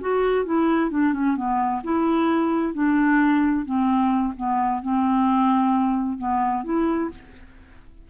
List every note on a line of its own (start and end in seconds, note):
0.00 0.45 F#4
0.45 0.90 E4
0.90 1.13 D4
1.13 1.36 C#4
1.36 1.82 B3
1.83 2.73 E4
2.73 3.65 D4
3.65 4.34 C4
4.36 4.82 B3
4.82 6.18 C4
6.18 6.64 B3
6.64 7.10 E4